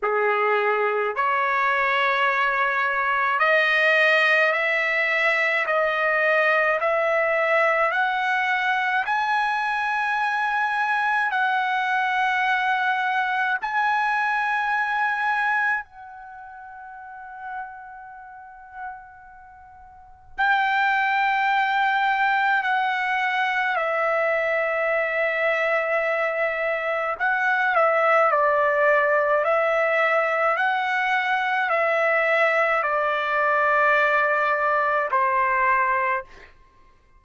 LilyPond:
\new Staff \with { instrumentName = "trumpet" } { \time 4/4 \tempo 4 = 53 gis'4 cis''2 dis''4 | e''4 dis''4 e''4 fis''4 | gis''2 fis''2 | gis''2 fis''2~ |
fis''2 g''2 | fis''4 e''2. | fis''8 e''8 d''4 e''4 fis''4 | e''4 d''2 c''4 | }